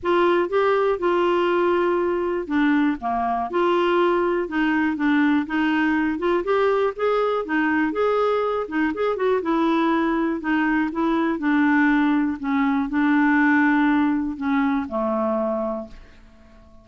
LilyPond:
\new Staff \with { instrumentName = "clarinet" } { \time 4/4 \tempo 4 = 121 f'4 g'4 f'2~ | f'4 d'4 ais4 f'4~ | f'4 dis'4 d'4 dis'4~ | dis'8 f'8 g'4 gis'4 dis'4 |
gis'4. dis'8 gis'8 fis'8 e'4~ | e'4 dis'4 e'4 d'4~ | d'4 cis'4 d'2~ | d'4 cis'4 a2 | }